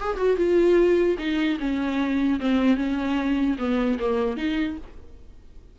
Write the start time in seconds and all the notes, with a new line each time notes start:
0.00 G#4
0.17 F#4
0.37 F4
1.18 D#4
1.60 C#4
2.40 C4
2.77 C#4
3.58 B3
3.99 A#3
4.37 D#4